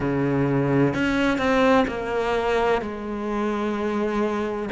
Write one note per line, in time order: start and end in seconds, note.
0.00 0.94 C#3
0.94 1.38 C#4
1.38 1.85 C4
1.87 2.81 A#3
2.81 4.69 G#3